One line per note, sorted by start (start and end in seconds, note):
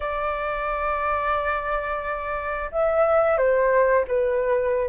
0.00 2.70 D5
2.71 3.37 E5
3.37 4.04 C5
4.07 4.88 B4